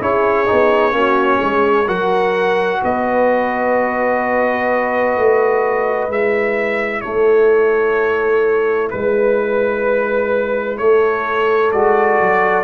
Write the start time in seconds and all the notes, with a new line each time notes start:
0.00 C#4 E4 G#4 C#5
0.46 D#4
0.52 B3
0.92 A#3 C#4 F#4
1.38 G#3 G#4
1.87 F#3 F#4 A#4 F#5
2.82 B3 B4 D#5
5.17 A3
6.09 G#3 E4 E5
7.01 A3 A4 C#5
8.91 G#3 B4
10.78 A3 A4 C#5
11.72 G#3 F#4 D5
12.21 F#3